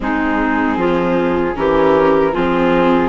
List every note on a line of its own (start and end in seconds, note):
0.00 0.76 G#3
0.00 1.54 C4
0.00 0.78 D#4
0.00 1.56 G#4
0.76 1.54 F3
0.76 1.56 F4
1.54 2.35 E3
1.54 2.32 C#4
1.54 2.32 G4
1.54 2.33 A#4
2.32 3.09 F3
2.32 3.09 C4
2.32 3.09 F4
2.32 3.09 G#4